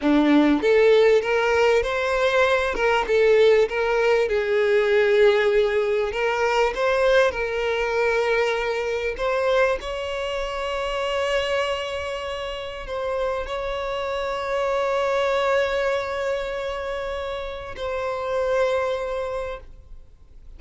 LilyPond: \new Staff \with { instrumentName = "violin" } { \time 4/4 \tempo 4 = 98 d'4 a'4 ais'4 c''4~ | c''8 ais'8 a'4 ais'4 gis'4~ | gis'2 ais'4 c''4 | ais'2. c''4 |
cis''1~ | cis''4 c''4 cis''2~ | cis''1~ | cis''4 c''2. | }